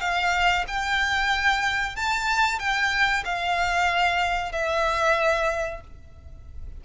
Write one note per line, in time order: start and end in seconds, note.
0.00 0.65 F5
0.67 1.96 G5
1.96 2.59 A5
2.59 3.23 G5
3.25 4.52 F5
4.52 5.81 E5